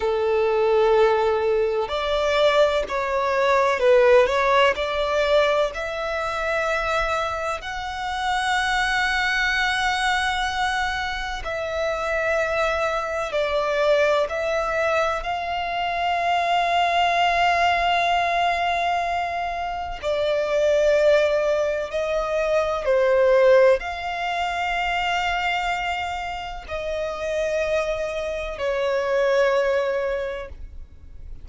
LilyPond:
\new Staff \with { instrumentName = "violin" } { \time 4/4 \tempo 4 = 63 a'2 d''4 cis''4 | b'8 cis''8 d''4 e''2 | fis''1 | e''2 d''4 e''4 |
f''1~ | f''4 d''2 dis''4 | c''4 f''2. | dis''2 cis''2 | }